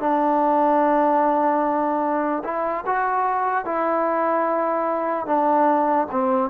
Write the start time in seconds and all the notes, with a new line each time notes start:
0.00 D4
2.44 E4
2.86 F#4
3.65 E4
5.26 D4
6.11 C4